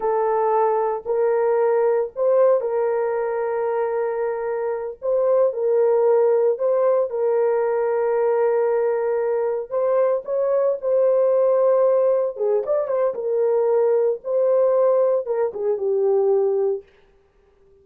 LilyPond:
\new Staff \with { instrumentName = "horn" } { \time 4/4 \tempo 4 = 114 a'2 ais'2 | c''4 ais'2.~ | ais'4. c''4 ais'4.~ | ais'8 c''4 ais'2~ ais'8~ |
ais'2~ ais'8 c''4 cis''8~ | cis''8 c''2. gis'8 | d''8 c''8 ais'2 c''4~ | c''4 ais'8 gis'8 g'2 | }